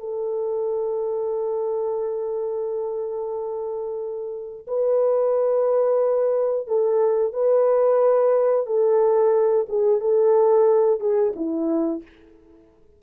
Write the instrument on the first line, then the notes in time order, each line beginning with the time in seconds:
horn
0.00 A4
4.67 B4
6.67 A4
7.33 B4
8.67 A4
9.69 G#4
10.01 A4
11.00 G#4
11.36 E4